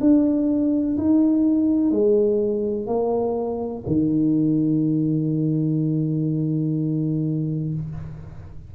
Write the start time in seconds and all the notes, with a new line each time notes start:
0.00 D4
0.98 D#4
1.91 G#3
2.86 A#3
3.87 D#3